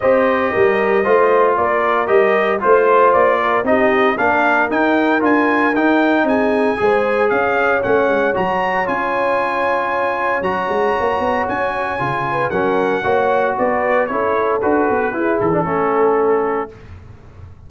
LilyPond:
<<
  \new Staff \with { instrumentName = "trumpet" } { \time 4/4 \tempo 4 = 115 dis''2. d''4 | dis''4 c''4 d''4 dis''4 | f''4 g''4 gis''4 g''4 | gis''2 f''4 fis''4 |
ais''4 gis''2. | ais''2 gis''2 | fis''2 d''4 cis''4 | b'4. a'2~ a'8 | }
  \new Staff \with { instrumentName = "horn" } { \time 4/4 c''4 ais'4 c''4 ais'4~ | ais'4 c''4. ais'8 g'4 | ais'1 | gis'4 c''4 cis''2~ |
cis''1~ | cis''2.~ cis''8 b'8 | ais'4 cis''4 b'4 a'4~ | a'4 gis'4 a'2 | }
  \new Staff \with { instrumentName = "trombone" } { \time 4/4 g'2 f'2 | g'4 f'2 dis'4 | d'4 dis'4 f'4 dis'4~ | dis'4 gis'2 cis'4 |
fis'4 f'2. | fis'2. f'4 | cis'4 fis'2 e'4 | fis'4 e'8. d'16 cis'2 | }
  \new Staff \with { instrumentName = "tuba" } { \time 4/4 c'4 g4 a4 ais4 | g4 a4 ais4 c'4 | ais4 dis'4 d'4 dis'4 | c'4 gis4 cis'4 a8 gis8 |
fis4 cis'2. | fis8 gis8 ais8 b8 cis'4 cis4 | fis4 ais4 b4 cis'4 | d'8 b8 e'8 e8 a2 | }
>>